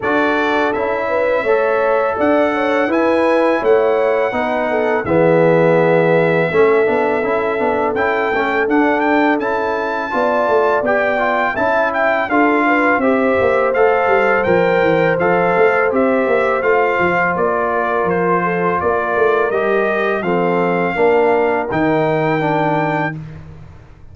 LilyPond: <<
  \new Staff \with { instrumentName = "trumpet" } { \time 4/4 \tempo 4 = 83 d''4 e''2 fis''4 | gis''4 fis''2 e''4~ | e''2. g''4 | fis''8 g''8 a''2 g''4 |
a''8 g''8 f''4 e''4 f''4 | g''4 f''4 e''4 f''4 | d''4 c''4 d''4 dis''4 | f''2 g''2 | }
  \new Staff \with { instrumentName = "horn" } { \time 4/4 a'4. b'8 cis''4 d''8 cis''8 | b'4 cis''4 b'8 a'8 gis'4~ | gis'4 a'2.~ | a'2 d''2 |
e''4 a'8 b'8 c''2~ | c''1~ | c''8 ais'4 a'8 ais'2 | a'4 ais'2. | }
  \new Staff \with { instrumentName = "trombone" } { \time 4/4 fis'4 e'4 a'2 | e'2 dis'4 b4~ | b4 cis'8 d'8 e'8 d'8 e'8 cis'8 | d'4 e'4 f'4 g'8 f'8 |
e'4 f'4 g'4 a'4 | ais'4 a'4 g'4 f'4~ | f'2. g'4 | c'4 d'4 dis'4 d'4 | }
  \new Staff \with { instrumentName = "tuba" } { \time 4/4 d'4 cis'4 a4 d'4 | e'4 a4 b4 e4~ | e4 a8 b8 cis'8 b8 cis'8 a8 | d'4 cis'4 b8 a8 b4 |
cis'4 d'4 c'8 ais8 a8 g8 | f8 e8 f8 a8 c'8 ais8 a8 f8 | ais4 f4 ais8 a8 g4 | f4 ais4 dis2 | }
>>